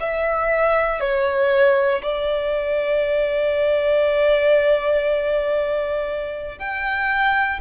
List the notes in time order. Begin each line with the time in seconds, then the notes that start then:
0.00 E5
1.00 C#5
2.02 D5
6.59 G5